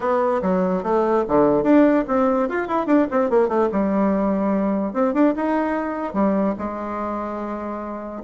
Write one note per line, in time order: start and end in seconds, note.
0.00 0.41 B3
0.42 0.83 F#3
0.83 1.24 A3
1.28 1.63 D3
1.63 2.04 D4
2.07 2.48 C4
2.48 2.67 F4
2.67 2.86 E4
2.86 3.07 D4
3.10 3.30 C4
3.30 3.48 A#3
3.48 3.69 A3
3.71 4.93 G3
4.93 5.13 C4
5.13 5.34 D4
5.35 6.13 D#4
6.13 6.54 G3
6.58 8.22 G#3